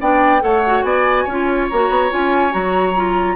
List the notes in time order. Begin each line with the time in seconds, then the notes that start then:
0.00 B3 D4 D5 G5
0.41 A3 A4 C#5 F#5
0.66 F#4
0.83 B3 D5 G#5
1.24 C#4 C#5
1.30 F4
1.69 A#3 F#4 A#5
1.89 B3
2.10 C#4 F4 G#5
2.51 F#3 F#4 A#5
2.95 F4